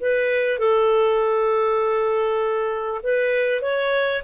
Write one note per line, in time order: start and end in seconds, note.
0.00 0.59 B4
0.59 3.01 A4
3.03 3.61 B4
3.61 4.22 C#5